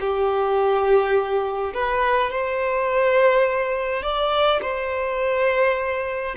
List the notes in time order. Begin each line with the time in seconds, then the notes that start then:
0.00 G4
1.74 B4
2.31 C5
4.03 D5
4.62 C5